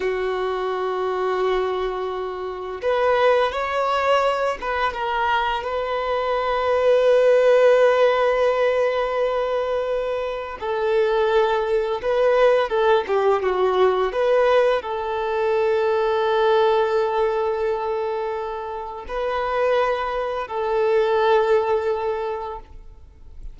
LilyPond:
\new Staff \with { instrumentName = "violin" } { \time 4/4 \tempo 4 = 85 fis'1 | b'4 cis''4. b'8 ais'4 | b'1~ | b'2. a'4~ |
a'4 b'4 a'8 g'8 fis'4 | b'4 a'2.~ | a'2. b'4~ | b'4 a'2. | }